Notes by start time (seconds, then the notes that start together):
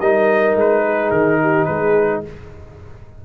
0.00 G3 D#4 A#4 D#5
0.55 G#3 B4
0.85 G#4
1.10 D#3 A#4
1.41 G4
1.65 G#3 G#4 B4